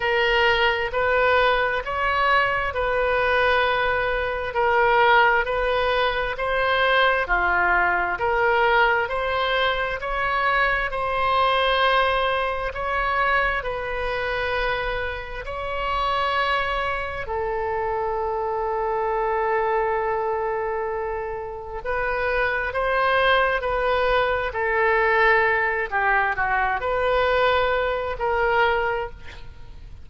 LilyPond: \new Staff \with { instrumentName = "oboe" } { \time 4/4 \tempo 4 = 66 ais'4 b'4 cis''4 b'4~ | b'4 ais'4 b'4 c''4 | f'4 ais'4 c''4 cis''4 | c''2 cis''4 b'4~ |
b'4 cis''2 a'4~ | a'1 | b'4 c''4 b'4 a'4~ | a'8 g'8 fis'8 b'4. ais'4 | }